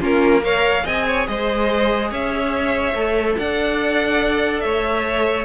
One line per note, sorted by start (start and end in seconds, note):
0.00 0.84 A#3
0.00 0.42 C#4
0.00 0.43 F4
0.00 0.45 A#4
0.42 0.83 A#4
0.42 0.85 C#5
0.42 0.87 F5
0.84 1.28 C4
0.84 2.93 G#4
0.84 1.06 D#5
0.84 1.28 G#5
1.07 1.28 C#5
1.28 2.12 G#3
1.28 2.10 C5
1.28 2.12 D#5
2.10 2.94 C#4
2.10 3.36 C#5
2.10 3.38 E5
2.94 3.36 A3
2.94 5.45 A4
3.38 4.64 D4
3.38 4.64 D5
3.38 4.60 F#5
4.60 5.45 A3
4.60 5.45 C#5
4.60 5.44 E5